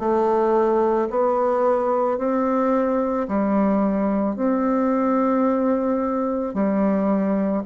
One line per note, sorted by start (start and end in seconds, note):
0.00 1.09 A3
1.11 2.19 B3
2.19 3.28 C4
3.28 4.37 G3
4.37 6.55 C4
6.55 7.64 G3